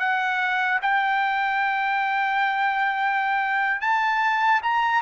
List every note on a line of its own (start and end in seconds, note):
0.00 0.80 F#5
0.82 3.81 G5
3.81 4.61 A5
4.63 5.02 A#5